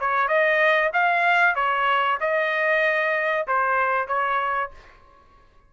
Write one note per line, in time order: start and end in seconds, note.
0.00 0.28 C#5
0.28 0.91 D#5
0.93 1.55 F5
1.55 2.18 C#5
2.20 3.47 D#5
3.47 4.07 C5
4.07 4.71 C#5